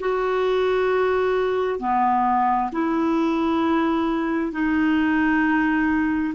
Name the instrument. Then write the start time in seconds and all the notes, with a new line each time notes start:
clarinet
0.00 F#4
1.79 B3
2.72 E4
4.52 D#4